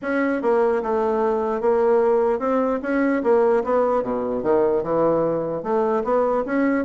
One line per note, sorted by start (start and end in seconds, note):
0.01 0.42 C#4
0.42 0.82 A#3
0.83 1.60 A3
1.60 2.39 A#3
2.39 2.79 C4
2.82 3.22 C#4
3.23 3.63 A#3
3.64 4.02 B3
4.02 4.43 B2
4.43 4.83 D#3
4.83 5.63 E3
5.63 6.03 A3
6.03 6.44 B3
6.45 6.85 C#4